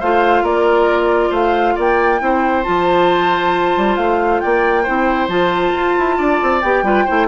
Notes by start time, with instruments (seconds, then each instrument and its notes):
0.00 bassoon A3, clarinet F4, oboe C5, flute F5
0.42 bassoon A#3, oboe A#4, flute D5
1.30 bassoon A3, oboe C5, flute F5
1.75 bassoon A#3, oboe D5, flute G5
2.20 bassoon C4, clarinet E4, oboe C5
2.64 bassoon F3, clarinet F4, flute A5
3.77 bassoon G3
3.96 bassoon A3, flute F5
4.40 bassoon A#3, oboe D5, flute G5
4.83 bassoon C4, clarinet E4, oboe C5
5.28 bassoon F3, clarinet F4, flute A5
5.75 bassoon F4
5.98 bassoon E4
6.18 bassoon D4, oboe D5
6.43 bassoon C4
6.62 bassoon B3, clarinet G4, flute G5
6.83 bassoon G3, clarinet F4, oboe B4
7.05 bassoon A3, clarinet E4, oboe C5